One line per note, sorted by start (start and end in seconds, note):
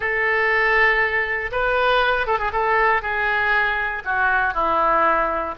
0.00 1.50 A4
1.51 2.26 B4
2.26 2.38 A4
2.38 2.51 G#4
2.52 3.02 A4
3.02 4.02 G#4
4.05 4.54 F#4
4.54 5.55 E4